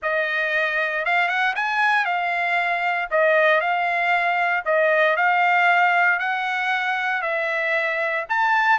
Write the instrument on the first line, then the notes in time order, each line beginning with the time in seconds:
trumpet
0.02 D#5
1.05 F5
1.28 F#5
1.55 G#5
2.05 F5
3.10 D#5
3.60 F5
4.65 D#5
5.16 F5
6.19 F#5
7.22 E5
8.29 A5